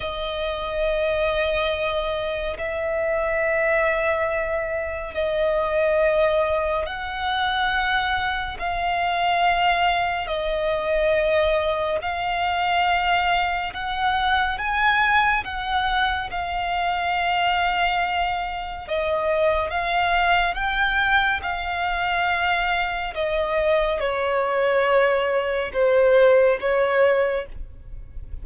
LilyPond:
\new Staff \with { instrumentName = "violin" } { \time 4/4 \tempo 4 = 70 dis''2. e''4~ | e''2 dis''2 | fis''2 f''2 | dis''2 f''2 |
fis''4 gis''4 fis''4 f''4~ | f''2 dis''4 f''4 | g''4 f''2 dis''4 | cis''2 c''4 cis''4 | }